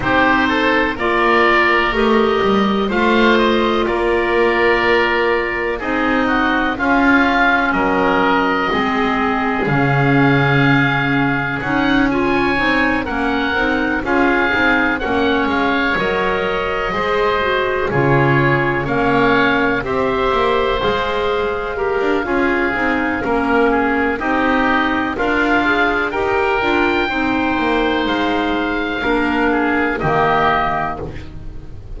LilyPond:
<<
  \new Staff \with { instrumentName = "oboe" } { \time 4/4 \tempo 4 = 62 c''4 d''4 dis''4 f''8 dis''8 | d''2 dis''4 f''4 | dis''2 f''2 | fis''8 gis''4 fis''4 f''4 fis''8 |
f''8 dis''2 cis''4 f''8~ | f''8 e''4 f''2~ f''8~ | f''4 dis''4 f''4 g''4~ | g''4 f''2 dis''4 | }
  \new Staff \with { instrumentName = "oboe" } { \time 4/4 g'8 a'8 ais'2 c''4 | ais'2 gis'8 fis'8 f'4 | ais'4 gis'2.~ | gis'8. cis''8. ais'4 gis'4 cis''8~ |
cis''4. c''4 gis'4 cis''8~ | cis''8 c''2 ais'8 gis'4 | ais'8 gis'8 g'4 f'4 ais'4 | c''2 ais'8 gis'8 g'4 | }
  \new Staff \with { instrumentName = "clarinet" } { \time 4/4 dis'4 f'4 g'4 f'4~ | f'2 dis'4 cis'4~ | cis'4 c'4 cis'2 | dis'8 f'8 dis'8 cis'8 dis'8 f'8 dis'8 cis'8~ |
cis'8 ais'4 gis'8 fis'8 f'4 cis'8~ | cis'8 g'4 gis'4 g'8 f'8 dis'8 | cis'4 dis'4 ais'8 gis'8 g'8 f'8 | dis'2 d'4 ais4 | }
  \new Staff \with { instrumentName = "double bass" } { \time 4/4 c'4 ais4 a8 g8 a4 | ais2 c'4 cis'4 | fis4 gis4 cis2 | cis'4 c'8 ais8 c'8 cis'8 c'8 ais8 |
gis8 fis4 gis4 cis4 ais8~ | ais8 c'8 ais8 gis4~ gis16 d'16 cis'8 c'8 | ais4 c'4 d'4 dis'8 d'8 | c'8 ais8 gis4 ais4 dis4 | }
>>